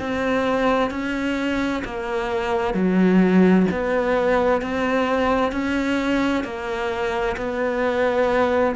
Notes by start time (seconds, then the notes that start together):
0.00 C4
0.91 C#4
1.85 A#3
2.74 F#3
3.72 B3
4.62 C4
5.53 C#4
6.44 A#3
7.37 B3